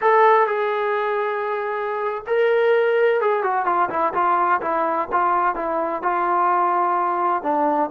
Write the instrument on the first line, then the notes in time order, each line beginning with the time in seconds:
trombone
0.01 A4
0.47 G#4
2.26 A#4
3.21 G#4
3.43 F#4
3.65 F4
3.89 E4
4.13 F4
4.61 E4
5.12 F4
5.55 E4
6.02 F4
7.43 D4